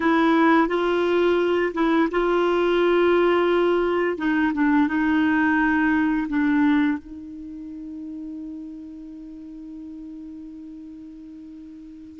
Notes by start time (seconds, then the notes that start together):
0.00 E4
0.68 F4
1.73 E4
2.11 F4
4.17 D#4
4.53 D4
4.87 D#4
6.28 D4
6.98 D#4